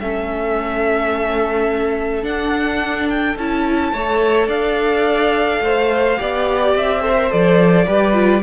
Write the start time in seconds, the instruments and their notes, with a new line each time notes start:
0.00 cello A3, viola C#4, violin A4 E5
2.23 viola D4, cello D4, violin F#5
3.10 violin G5
3.37 cello C#4, viola E4, violin A5
3.93 cello A3, viola A4, violin C#5
4.48 cello D4, violin D5 F5
5.61 cello A3, violin C5
6.18 cello B3, viola G4, violin D5
6.76 cello C4, violin E5
7.00 viola A4, violin C5
7.17 viola A#4
7.30 cello F3, viola A4, violin D5
7.87 cello G3, viola G4, violin B4
8.14 viola F4